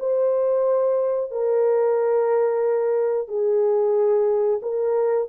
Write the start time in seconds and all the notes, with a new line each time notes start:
0.00 C5
1.32 A#4
3.28 G#4
4.62 A#4